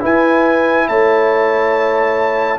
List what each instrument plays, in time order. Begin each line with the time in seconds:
0.00 trombone E4, tuba E4, horn B4, trumpet G#5
0.88 tuba A3, horn C#5, trumpet A5